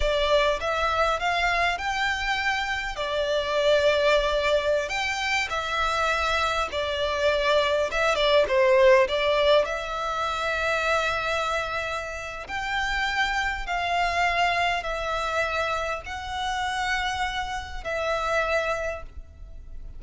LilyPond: \new Staff \with { instrumentName = "violin" } { \time 4/4 \tempo 4 = 101 d''4 e''4 f''4 g''4~ | g''4 d''2.~ | d''16 g''4 e''2 d''8.~ | d''4~ d''16 e''8 d''8 c''4 d''8.~ |
d''16 e''2.~ e''8.~ | e''4 g''2 f''4~ | f''4 e''2 fis''4~ | fis''2 e''2 | }